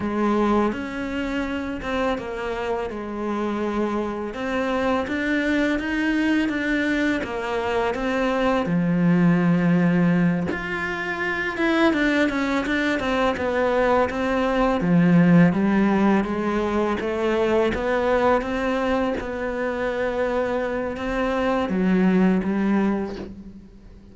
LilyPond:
\new Staff \with { instrumentName = "cello" } { \time 4/4 \tempo 4 = 83 gis4 cis'4. c'8 ais4 | gis2 c'4 d'4 | dis'4 d'4 ais4 c'4 | f2~ f8 f'4. |
e'8 d'8 cis'8 d'8 c'8 b4 c'8~ | c'8 f4 g4 gis4 a8~ | a8 b4 c'4 b4.~ | b4 c'4 fis4 g4 | }